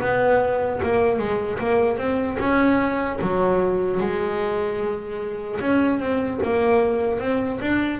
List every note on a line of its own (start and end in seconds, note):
0.00 0.80 B3
0.82 1.18 A#3
1.18 1.58 G#3
1.59 1.97 A#3
1.97 2.37 C4
2.39 3.19 C#4
3.21 4.00 F#3
4.00 5.60 G#3
5.60 5.99 C#4
5.99 6.39 C4
6.43 7.19 A#3
7.19 7.59 C4
7.60 8.00 D4